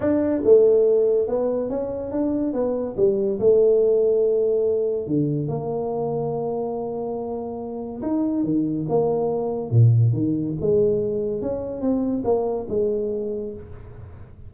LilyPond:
\new Staff \with { instrumentName = "tuba" } { \time 4/4 \tempo 4 = 142 d'4 a2 b4 | cis'4 d'4 b4 g4 | a1 | d4 ais2.~ |
ais2. dis'4 | dis4 ais2 ais,4 | dis4 gis2 cis'4 | c'4 ais4 gis2 | }